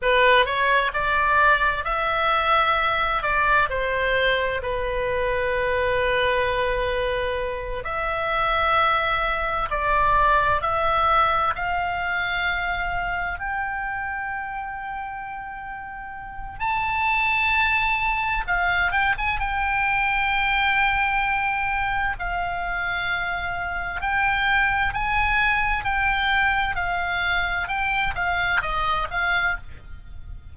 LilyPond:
\new Staff \with { instrumentName = "oboe" } { \time 4/4 \tempo 4 = 65 b'8 cis''8 d''4 e''4. d''8 | c''4 b'2.~ | b'8 e''2 d''4 e''8~ | e''8 f''2 g''4.~ |
g''2 a''2 | f''8 g''16 gis''16 g''2. | f''2 g''4 gis''4 | g''4 f''4 g''8 f''8 dis''8 f''8 | }